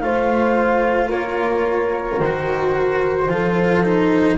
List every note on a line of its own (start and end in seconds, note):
0.00 1.11 A3
0.00 2.21 F4
0.00 1.09 C5
0.00 1.09 F5
1.09 2.19 A#3
1.09 3.27 A#4
1.09 2.20 C#5
2.19 3.28 D#3
2.19 3.29 F#4
2.19 4.38 C5
3.28 4.37 F3
3.28 3.84 F4
3.28 4.38 A4
3.84 4.38 D#4